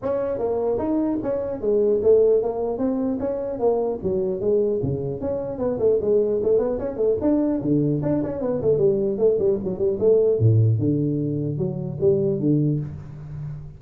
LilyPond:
\new Staff \with { instrumentName = "tuba" } { \time 4/4 \tempo 4 = 150 cis'4 ais4 dis'4 cis'4 | gis4 a4 ais4 c'4 | cis'4 ais4 fis4 gis4 | cis4 cis'4 b8 a8 gis4 |
a8 b8 cis'8 a8 d'4 d4 | d'8 cis'8 b8 a8 g4 a8 g8 | fis8 g8 a4 a,4 d4~ | d4 fis4 g4 d4 | }